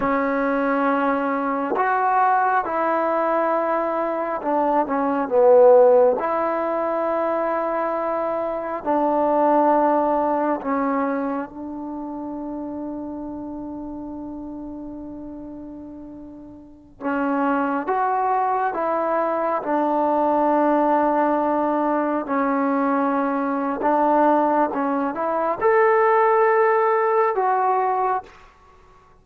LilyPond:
\new Staff \with { instrumentName = "trombone" } { \time 4/4 \tempo 4 = 68 cis'2 fis'4 e'4~ | e'4 d'8 cis'8 b4 e'4~ | e'2 d'2 | cis'4 d'2.~ |
d'2.~ d'16 cis'8.~ | cis'16 fis'4 e'4 d'4.~ d'16~ | d'4~ d'16 cis'4.~ cis'16 d'4 | cis'8 e'8 a'2 fis'4 | }